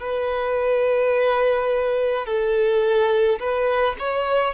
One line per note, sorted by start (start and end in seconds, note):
0.00 2.26 B4
2.26 3.40 A4
3.40 3.96 B4
3.99 4.54 C#5